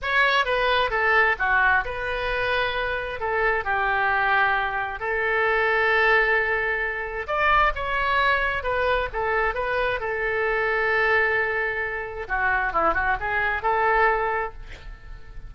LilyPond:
\new Staff \with { instrumentName = "oboe" } { \time 4/4 \tempo 4 = 132 cis''4 b'4 a'4 fis'4 | b'2. a'4 | g'2. a'4~ | a'1 |
d''4 cis''2 b'4 | a'4 b'4 a'2~ | a'2. fis'4 | e'8 fis'8 gis'4 a'2 | }